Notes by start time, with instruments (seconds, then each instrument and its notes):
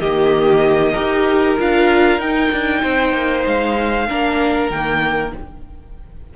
0.00 cello D#3, viola A#3, violin G4 D#5
0.93 cello D#4, viola G4, violin A#4
1.59 cello D4, viola F4, violin F5
2.19 cello D#4, viola D#4, violin G5
2.52 cello D4
2.83 cello C4, violin C5
3.13 cello A#3
3.47 cello G#3, violin F5
4.09 cello A#3, viola D4, violin A#4
4.71 cello D#3, viola A#3, violin G5